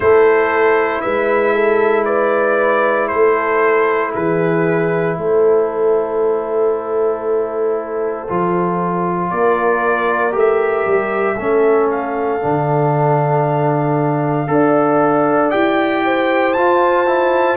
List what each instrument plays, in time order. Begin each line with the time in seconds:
0.00 tuba A3, trombone E4, horn A4, trumpet C5
1.01 tuba G#3, horn B4, trumpet E5
1.54 horn A4
2.04 horn B4, trumpet D5
3.08 tuba A3, horn A4, trumpet C5
4.12 tuba E3, horn G#4, trumpet B4
5.17 tuba A3, horn A4, trumpet C5
8.28 tuba F3, trombone F4
9.29 tuba A#3, horn A#4, trumpet D5
10.32 tuba A3, trombone G4
10.38 trumpet E5
10.86 tuba G3
11.35 tuba A3, trombone C#4, horn A4
11.90 trumpet F5
12.41 tuba D3, trombone D4
14.47 tuba D4, trombone A4, horn D5
15.50 tuba E4, trombone G4, trumpet G5
16.05 horn C5
16.53 tuba F4, trombone F4, trumpet A5
17.06 trombone E4